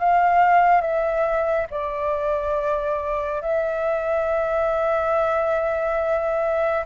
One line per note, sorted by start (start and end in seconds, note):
0.00 0.81 F5
0.81 1.67 E5
1.71 3.42 D5
3.42 6.85 E5